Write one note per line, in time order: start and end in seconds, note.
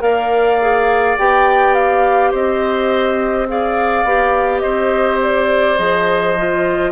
0.00 1.17 A#3
0.00 0.58 A#4
0.00 2.31 D5
0.00 1.17 F5
0.62 1.19 G#4
1.19 2.33 B3
1.19 3.48 G4
1.19 1.75 G5
1.75 2.32 F5
2.31 4.05 C4
2.31 3.47 C5
2.31 3.49 D#5
3.48 4.06 G#4
3.48 4.62 D5
3.48 4.60 F5
4.05 4.62 B3
4.05 5.78 G4
4.60 5.79 C4
4.60 6.92 C5
4.60 5.18 D#5
5.23 5.78 D5
5.78 6.92 F3
5.78 6.36 G#4
5.78 6.92 D#5
6.38 6.92 F4